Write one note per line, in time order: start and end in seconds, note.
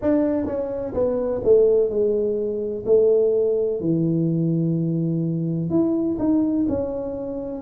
0.01 0.45 D4
0.45 0.93 C#4
0.94 1.41 B3
1.43 1.89 A3
1.89 2.84 G#3
2.85 3.80 A3
3.80 5.70 E3
5.70 6.17 E4
6.18 6.66 D#4
6.68 7.61 C#4